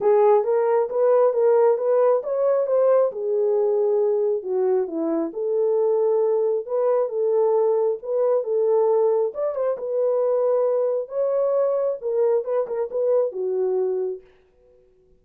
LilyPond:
\new Staff \with { instrumentName = "horn" } { \time 4/4 \tempo 4 = 135 gis'4 ais'4 b'4 ais'4 | b'4 cis''4 c''4 gis'4~ | gis'2 fis'4 e'4 | a'2. b'4 |
a'2 b'4 a'4~ | a'4 d''8 c''8 b'2~ | b'4 cis''2 ais'4 | b'8 ais'8 b'4 fis'2 | }